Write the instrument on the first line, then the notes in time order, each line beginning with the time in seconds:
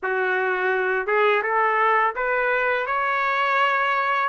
trumpet
0.02 F#4
1.06 G#4
1.43 A4
2.15 B4
2.86 C#5